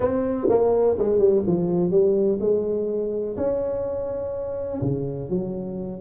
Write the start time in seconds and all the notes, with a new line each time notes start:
0.00 C4
0.49 A#3
0.98 G#3
1.18 G3
1.46 F3
1.90 G3
2.40 G#3
3.36 C#4
4.81 C#3
5.29 F#3